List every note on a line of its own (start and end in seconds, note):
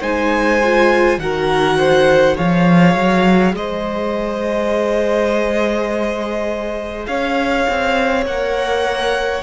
0.00 1.17 G#3
0.00 0.60 D#4
0.00 1.18 C5
0.00 1.19 G#5
0.63 1.21 F4
1.17 2.35 D#3
1.17 2.37 F#4
1.17 1.78 A#4
1.17 2.37 F#5
1.78 2.36 C5
2.36 2.95 F3
2.36 8.25 G#4
2.36 3.53 C#5
2.36 3.55 F5
2.95 3.53 F#3
3.53 7.06 G#3
3.53 7.08 C5
3.53 7.06 D#5
7.06 7.66 C#4
7.06 9.42 C#5
7.06 8.24 F5
7.68 8.25 C4
8.25 9.42 A#3
8.25 9.42 A#4
8.25 9.42 F#5